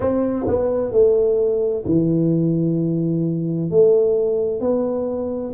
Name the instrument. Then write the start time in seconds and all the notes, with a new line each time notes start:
tuba
0.00 C4
0.47 B3
0.91 A3
1.85 E3
3.70 A3
4.60 B3